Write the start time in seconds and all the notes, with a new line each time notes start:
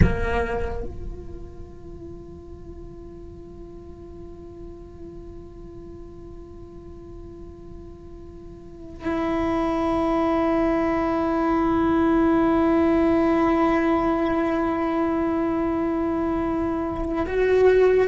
0.02 A#3
0.83 F4
9.04 E4
17.26 F#4